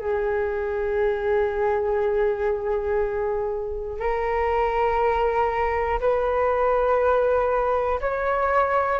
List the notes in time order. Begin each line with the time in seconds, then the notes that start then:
0.00 G#4
4.00 A#4
6.00 B4
8.01 C#5